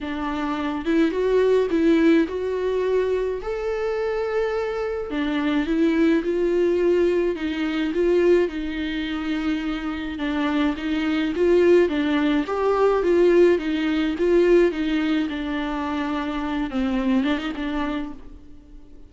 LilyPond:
\new Staff \with { instrumentName = "viola" } { \time 4/4 \tempo 4 = 106 d'4. e'8 fis'4 e'4 | fis'2 a'2~ | a'4 d'4 e'4 f'4~ | f'4 dis'4 f'4 dis'4~ |
dis'2 d'4 dis'4 | f'4 d'4 g'4 f'4 | dis'4 f'4 dis'4 d'4~ | d'4. c'4 d'16 dis'16 d'4 | }